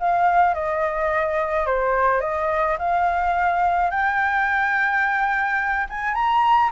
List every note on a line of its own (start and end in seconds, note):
0.00 0.54 F5
0.54 1.66 D#5
1.66 2.21 C5
2.21 2.77 D#5
2.79 3.91 F5
3.91 5.87 G5
5.89 6.14 G#5
6.14 6.70 A#5